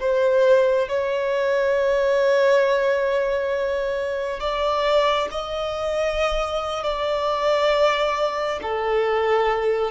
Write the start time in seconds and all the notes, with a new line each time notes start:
0.00 C5
0.88 C#5
4.40 D5
5.31 D#5
6.83 D5
8.62 A4